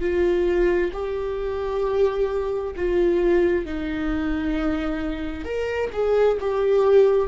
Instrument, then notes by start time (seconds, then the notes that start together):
viola
0.00 F4
0.93 G4
2.75 F4
3.65 D#4
5.45 A#4
5.92 G#4
6.40 G4